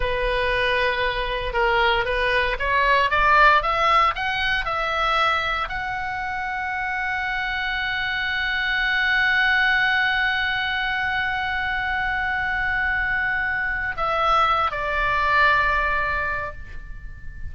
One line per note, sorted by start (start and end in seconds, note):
0.00 1.53 B4
1.53 2.05 A#4
2.05 2.57 B4
2.59 3.10 C#5
3.10 3.62 D5
3.62 4.14 E5
4.15 4.65 F#5
4.65 5.68 E5
5.68 13.96 F#5
13.97 14.71 E5
14.71 16.52 D5